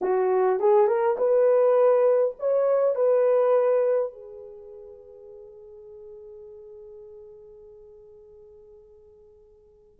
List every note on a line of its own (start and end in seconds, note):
0.01 0.59 F#4
0.59 0.87 G#4
0.87 1.16 A#4
1.17 2.35 B4
2.39 2.95 C#5
2.95 4.12 B4
4.12 9.99 G#4